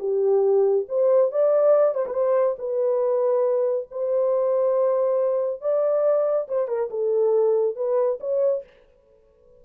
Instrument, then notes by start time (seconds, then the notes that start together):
horn
0.00 G4
0.89 C5
1.32 D5
1.95 C5
2.07 B4
2.14 C5
2.59 B4
3.92 C5
5.62 D5
6.48 C5
6.68 A#4
6.90 A4
7.76 B4
8.21 C#5